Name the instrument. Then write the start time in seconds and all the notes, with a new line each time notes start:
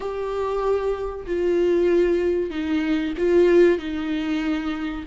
viola
0.00 G4
1.26 F4
2.50 D#4
3.17 F4
3.78 D#4